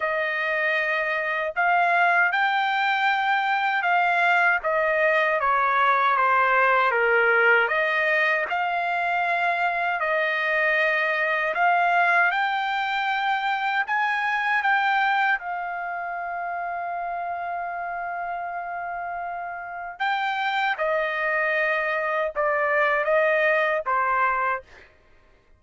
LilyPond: \new Staff \with { instrumentName = "trumpet" } { \time 4/4 \tempo 4 = 78 dis''2 f''4 g''4~ | g''4 f''4 dis''4 cis''4 | c''4 ais'4 dis''4 f''4~ | f''4 dis''2 f''4 |
g''2 gis''4 g''4 | f''1~ | f''2 g''4 dis''4~ | dis''4 d''4 dis''4 c''4 | }